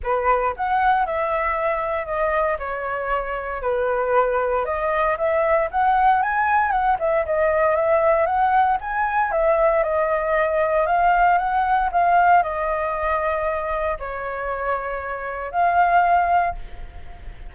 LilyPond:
\new Staff \with { instrumentName = "flute" } { \time 4/4 \tempo 4 = 116 b'4 fis''4 e''2 | dis''4 cis''2 b'4~ | b'4 dis''4 e''4 fis''4 | gis''4 fis''8 e''8 dis''4 e''4 |
fis''4 gis''4 e''4 dis''4~ | dis''4 f''4 fis''4 f''4 | dis''2. cis''4~ | cis''2 f''2 | }